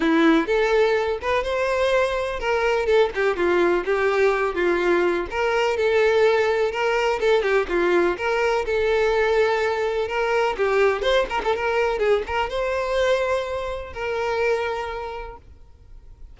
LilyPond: \new Staff \with { instrumentName = "violin" } { \time 4/4 \tempo 4 = 125 e'4 a'4. b'8 c''4~ | c''4 ais'4 a'8 g'8 f'4 | g'4. f'4. ais'4 | a'2 ais'4 a'8 g'8 |
f'4 ais'4 a'2~ | a'4 ais'4 g'4 c''8 ais'16 a'16 | ais'4 gis'8 ais'8 c''2~ | c''4 ais'2. | }